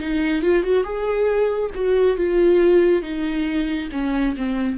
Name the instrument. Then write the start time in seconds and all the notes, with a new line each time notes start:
viola
0.00 D#4
0.42 F4
0.63 F#4
0.84 G#4
1.75 F#4
2.17 F4
3.03 D#4
3.92 C#4
4.37 C4